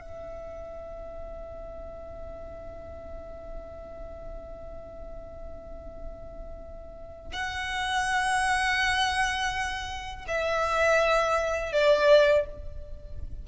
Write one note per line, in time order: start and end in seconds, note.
0.00 7.32 E5
7.33 10.25 F#5
10.27 11.72 E5
11.72 12.45 D5